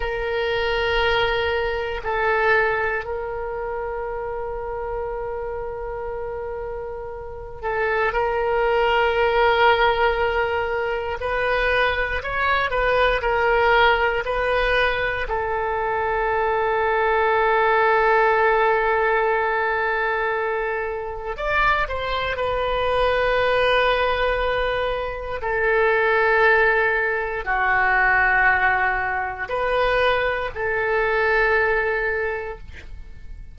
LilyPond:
\new Staff \with { instrumentName = "oboe" } { \time 4/4 \tempo 4 = 59 ais'2 a'4 ais'4~ | ais'2.~ ais'8 a'8 | ais'2. b'4 | cis''8 b'8 ais'4 b'4 a'4~ |
a'1~ | a'4 d''8 c''8 b'2~ | b'4 a'2 fis'4~ | fis'4 b'4 a'2 | }